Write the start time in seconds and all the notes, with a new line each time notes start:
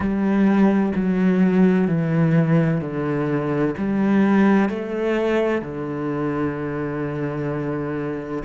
0.00 G3
0.95 F#3
1.87 E3
2.80 D3
3.77 G3
4.69 A3
5.61 D3